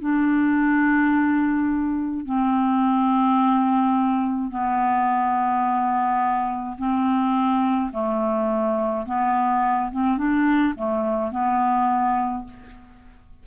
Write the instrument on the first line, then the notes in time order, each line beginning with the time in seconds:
clarinet
0.00 D4
2.25 C4
4.51 B3
6.78 C4
7.92 A3
9.06 B3
9.91 C4
10.18 D4
10.75 A3
11.32 B3